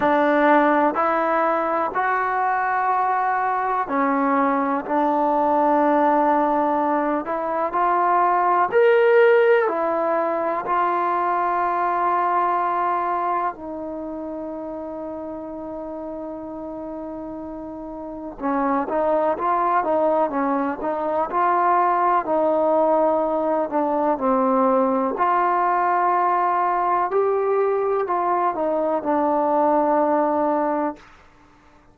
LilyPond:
\new Staff \with { instrumentName = "trombone" } { \time 4/4 \tempo 4 = 62 d'4 e'4 fis'2 | cis'4 d'2~ d'8 e'8 | f'4 ais'4 e'4 f'4~ | f'2 dis'2~ |
dis'2. cis'8 dis'8 | f'8 dis'8 cis'8 dis'8 f'4 dis'4~ | dis'8 d'8 c'4 f'2 | g'4 f'8 dis'8 d'2 | }